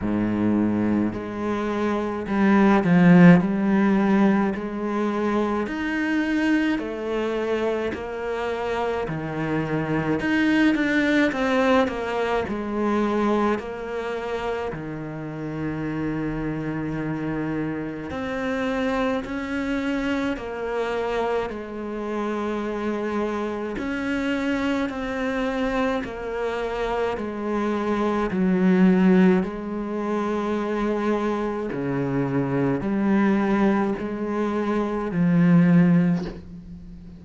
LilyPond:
\new Staff \with { instrumentName = "cello" } { \time 4/4 \tempo 4 = 53 gis,4 gis4 g8 f8 g4 | gis4 dis'4 a4 ais4 | dis4 dis'8 d'8 c'8 ais8 gis4 | ais4 dis2. |
c'4 cis'4 ais4 gis4~ | gis4 cis'4 c'4 ais4 | gis4 fis4 gis2 | cis4 g4 gis4 f4 | }